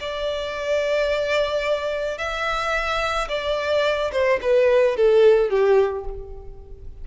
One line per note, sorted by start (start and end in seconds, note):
0.00 2.18 D5
2.18 3.28 E5
3.28 4.11 D5
4.12 4.40 C5
4.41 4.96 B4
4.96 5.50 A4
5.50 6.05 G4